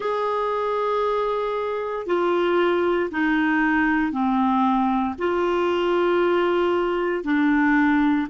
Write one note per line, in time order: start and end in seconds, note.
0.00 2.06 G#4
2.06 3.09 F4
3.11 4.11 D#4
4.11 5.15 C4
5.18 7.24 F4
7.24 8.27 D4